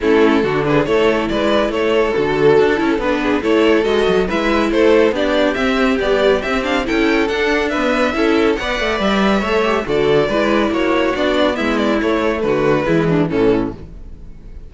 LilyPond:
<<
  \new Staff \with { instrumentName = "violin" } { \time 4/4 \tempo 4 = 140 a'4. b'8 cis''4 d''4 | cis''4 a'2 b'4 | cis''4 dis''4 e''4 c''4 | d''4 e''4 d''4 e''8 f''8 |
g''4 fis''4 e''2 | fis''4 e''2 d''4~ | d''4 cis''4 d''4 e''8 d''8 | cis''4 b'2 a'4 | }
  \new Staff \with { instrumentName = "violin" } { \time 4/4 e'4 fis'8 gis'8 a'4 b'4 | a'2.~ a'8 gis'8 | a'2 b'4 a'4 | g'1 |
a'2 b'4 a'4 | d''2 cis''4 a'4 | b'4 fis'2 e'4~ | e'4 fis'4 e'8 d'8 cis'4 | }
  \new Staff \with { instrumentName = "viola" } { \time 4/4 cis'4 d'4 e'2~ | e'4 fis'4. e'8 d'4 | e'4 fis'4 e'2 | d'4 c'4 g4 c'8 d'8 |
e'4 d'4 b4 e'4 | b'2 a'8 g'8 fis'4 | e'2 d'4 b4 | a2 gis4 e4 | }
  \new Staff \with { instrumentName = "cello" } { \time 4/4 a4 d4 a4 gis4 | a4 d4 d'8 cis'8 b4 | a4 gis8 fis8 gis4 a4 | b4 c'4 b4 c'4 |
cis'4 d'2 cis'4 | b8 a8 g4 a4 d4 | gis4 ais4 b4 gis4 | a4 d4 e4 a,4 | }
>>